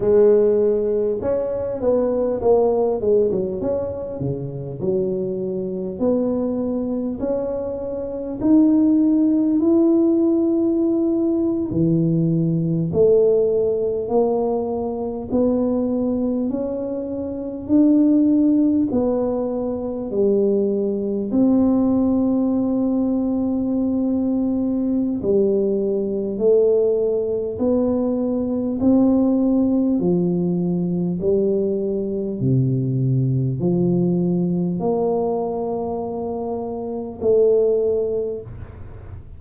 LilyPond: \new Staff \with { instrumentName = "tuba" } { \time 4/4 \tempo 4 = 50 gis4 cis'8 b8 ais8 gis16 fis16 cis'8 cis8 | fis4 b4 cis'4 dis'4 | e'4.~ e'16 e4 a4 ais16~ | ais8. b4 cis'4 d'4 b16~ |
b8. g4 c'2~ c'16~ | c'4 g4 a4 b4 | c'4 f4 g4 c4 | f4 ais2 a4 | }